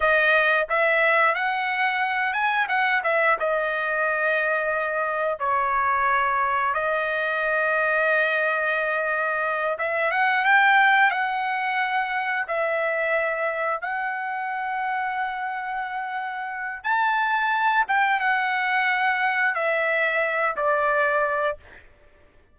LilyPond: \new Staff \with { instrumentName = "trumpet" } { \time 4/4 \tempo 4 = 89 dis''4 e''4 fis''4. gis''8 | fis''8 e''8 dis''2. | cis''2 dis''2~ | dis''2~ dis''8 e''8 fis''8 g''8~ |
g''8 fis''2 e''4.~ | e''8 fis''2.~ fis''8~ | fis''4 a''4. g''8 fis''4~ | fis''4 e''4. d''4. | }